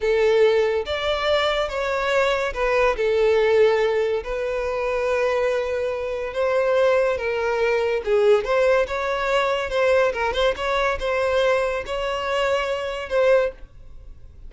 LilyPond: \new Staff \with { instrumentName = "violin" } { \time 4/4 \tempo 4 = 142 a'2 d''2 | cis''2 b'4 a'4~ | a'2 b'2~ | b'2. c''4~ |
c''4 ais'2 gis'4 | c''4 cis''2 c''4 | ais'8 c''8 cis''4 c''2 | cis''2. c''4 | }